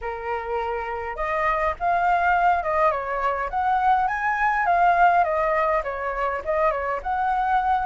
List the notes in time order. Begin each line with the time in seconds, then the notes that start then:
0.01 A#4
1.16 D#5
1.79 F5
2.63 D#5
2.91 C#5
3.50 F#5
4.07 G#5
4.66 F5
5.23 D#5
5.83 C#5
6.44 D#5
6.71 C#5
7.02 F#5